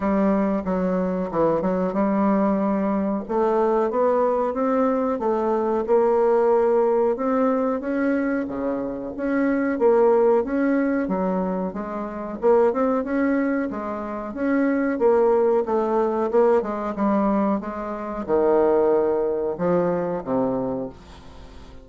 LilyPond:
\new Staff \with { instrumentName = "bassoon" } { \time 4/4 \tempo 4 = 92 g4 fis4 e8 fis8 g4~ | g4 a4 b4 c'4 | a4 ais2 c'4 | cis'4 cis4 cis'4 ais4 |
cis'4 fis4 gis4 ais8 c'8 | cis'4 gis4 cis'4 ais4 | a4 ais8 gis8 g4 gis4 | dis2 f4 c4 | }